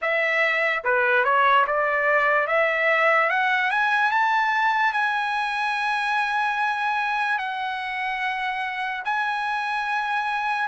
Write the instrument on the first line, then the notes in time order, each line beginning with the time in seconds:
trumpet
0.01 E5
0.84 B4
1.24 C#5
1.66 D5
2.47 E5
3.29 F#5
3.71 G#5
4.11 A5
4.92 G#5
7.38 F#5
9.04 G#5